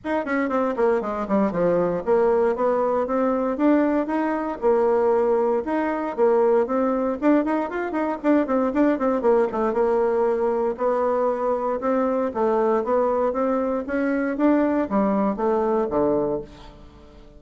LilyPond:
\new Staff \with { instrumentName = "bassoon" } { \time 4/4 \tempo 4 = 117 dis'8 cis'8 c'8 ais8 gis8 g8 f4 | ais4 b4 c'4 d'4 | dis'4 ais2 dis'4 | ais4 c'4 d'8 dis'8 f'8 dis'8 |
d'8 c'8 d'8 c'8 ais8 a8 ais4~ | ais4 b2 c'4 | a4 b4 c'4 cis'4 | d'4 g4 a4 d4 | }